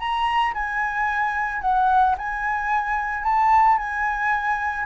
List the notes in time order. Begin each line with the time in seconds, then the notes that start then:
0.00 A#5
0.55 G#5
1.62 F#5
2.18 G#5
3.24 A5
3.78 G#5